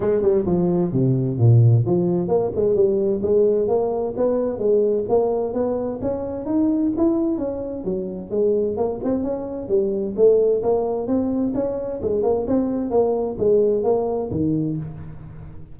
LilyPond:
\new Staff \with { instrumentName = "tuba" } { \time 4/4 \tempo 4 = 130 gis8 g8 f4 c4 ais,4 | f4 ais8 gis8 g4 gis4 | ais4 b4 gis4 ais4 | b4 cis'4 dis'4 e'4 |
cis'4 fis4 gis4 ais8 c'8 | cis'4 g4 a4 ais4 | c'4 cis'4 gis8 ais8 c'4 | ais4 gis4 ais4 dis4 | }